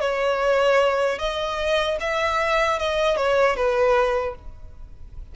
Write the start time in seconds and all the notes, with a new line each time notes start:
0.00 C#5
1.18 D#5
2.00 E5
2.78 D#5
3.17 C#5
3.56 B4